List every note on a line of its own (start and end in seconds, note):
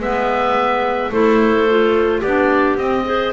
0.00 1.11 G#3
0.00 1.13 B3
0.00 1.12 B4
0.00 1.13 E5
1.11 2.22 A3
1.11 1.68 E4
1.11 2.20 A4
1.11 2.22 C5
1.69 2.25 F4
2.20 2.77 B3
2.20 2.79 D4
2.20 3.03 G4
2.20 2.77 D5
2.77 3.33 C4
2.77 3.06 C4
2.77 3.33 D#5
3.06 3.33 G#4
3.06 3.33 C5